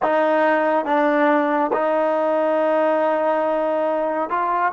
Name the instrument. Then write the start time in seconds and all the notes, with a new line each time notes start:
trombone
0.02 D#4
0.85 D4
1.72 D#4
4.29 F4